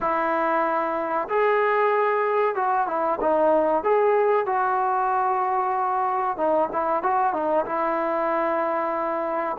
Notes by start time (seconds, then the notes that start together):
0.00 E4
1.29 G#4
2.55 F#4
2.87 E4
3.20 D#4
3.83 G#4
4.46 F#4
6.37 D#4
6.72 E4
7.02 F#4
7.33 D#4
7.65 E4